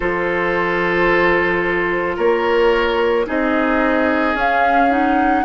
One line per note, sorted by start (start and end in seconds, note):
0.00 2.17 F3
0.00 3.26 F4
0.00 2.16 A4
0.00 2.17 C5
2.16 3.26 A#3
2.16 3.25 A#4
2.16 3.26 C#5
3.26 4.34 C4
3.26 4.34 D#4
3.26 5.45 G#4
3.26 4.37 D#5
4.34 4.89 C#4
4.34 5.43 C#4
4.34 4.92 F5
4.90 5.44 D#4
4.90 5.45 F#5